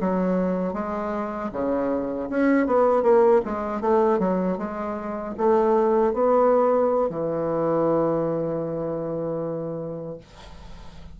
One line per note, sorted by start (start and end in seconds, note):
0.00 0.73 F#3
0.73 1.50 G#3
1.52 2.29 C#3
2.30 2.66 C#4
2.66 3.02 B3
3.02 3.41 A#3
3.45 3.81 G#3
3.81 4.19 A3
4.19 4.57 F#3
4.58 5.35 G#3
5.37 6.13 A3
6.13 7.09 B3
7.09 10.17 E3